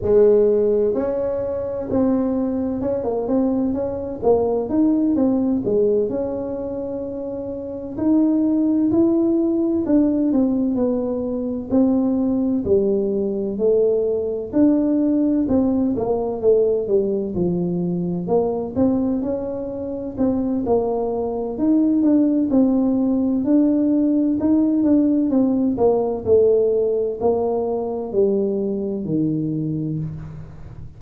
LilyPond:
\new Staff \with { instrumentName = "tuba" } { \time 4/4 \tempo 4 = 64 gis4 cis'4 c'4 cis'16 ais16 c'8 | cis'8 ais8 dis'8 c'8 gis8 cis'4.~ | cis'8 dis'4 e'4 d'8 c'8 b8~ | b8 c'4 g4 a4 d'8~ |
d'8 c'8 ais8 a8 g8 f4 ais8 | c'8 cis'4 c'8 ais4 dis'8 d'8 | c'4 d'4 dis'8 d'8 c'8 ais8 | a4 ais4 g4 dis4 | }